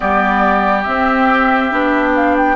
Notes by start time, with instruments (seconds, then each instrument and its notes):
0.00 bassoon G3, clarinet B3, oboe G4, flute D5
0.82 clarinet C4, bassoon C4, flute E5
1.71 bassoon B3, clarinet D4
2.15 flute F5
2.37 flute G5